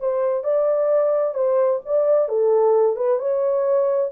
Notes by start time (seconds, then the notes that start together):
0.00 C5
0.44 D5
1.34 C5
1.86 D5
2.29 A4
2.97 B4
3.19 C#5